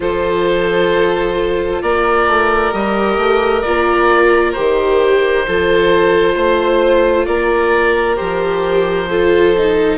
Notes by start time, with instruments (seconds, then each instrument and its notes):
0.00 bassoon F3, viola F4, violin A4, oboe C5
1.82 bassoon A#3, violin A#4, oboe D5
2.26 bassoon A3
2.71 bassoon G3, viola G4, oboe D#5
3.17 bassoon A3
3.61 bassoon A#3, viola F4, oboe D5
4.52 bassoon D#3, viola G4, oboe C5
5.47 bassoon F3, viola F4, violin A4
6.35 bassoon A3, violin C5
7.25 bassoon A#3, violin A#4, oboe D5
8.16 bassoon F3, viola G4, oboe C5
9.08 viola F4, violin A4
9.57 viola D#4